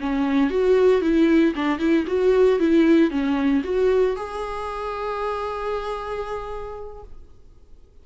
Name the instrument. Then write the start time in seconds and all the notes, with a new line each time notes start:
viola
0.00 C#4
0.50 F#4
1.02 E4
1.55 D4
1.79 E4
2.07 F#4
2.59 E4
3.10 C#4
3.64 F#4
4.16 G#4